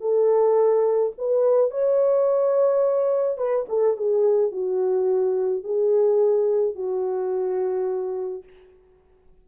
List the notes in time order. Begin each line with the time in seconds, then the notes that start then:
0.00 A4
1.18 B4
1.70 C#5
3.37 B4
3.68 A4
3.96 G#4
4.51 F#4
5.63 G#4
6.75 F#4